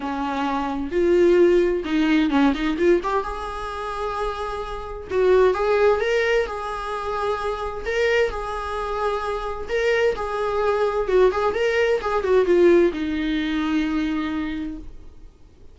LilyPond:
\new Staff \with { instrumentName = "viola" } { \time 4/4 \tempo 4 = 130 cis'2 f'2 | dis'4 cis'8 dis'8 f'8 g'8 gis'4~ | gis'2. fis'4 | gis'4 ais'4 gis'2~ |
gis'4 ais'4 gis'2~ | gis'4 ais'4 gis'2 | fis'8 gis'8 ais'4 gis'8 fis'8 f'4 | dis'1 | }